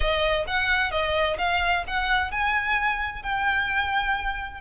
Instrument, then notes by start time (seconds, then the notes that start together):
violin
0.00 D#5
0.47 F#5
0.91 D#5
1.38 F5
1.87 F#5
2.31 G#5
3.22 G5